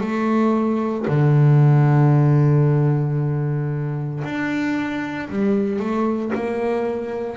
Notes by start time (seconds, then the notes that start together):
0.00 A3
1.07 D3
4.23 D4
5.29 G3
5.79 A3
6.34 A#3